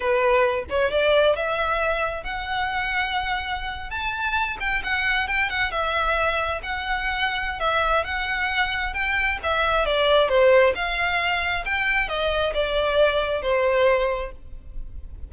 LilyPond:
\new Staff \with { instrumentName = "violin" } { \time 4/4 \tempo 4 = 134 b'4. cis''8 d''4 e''4~ | e''4 fis''2.~ | fis''8. a''4. g''8 fis''4 g''16~ | g''16 fis''8 e''2 fis''4~ fis''16~ |
fis''4 e''4 fis''2 | g''4 e''4 d''4 c''4 | f''2 g''4 dis''4 | d''2 c''2 | }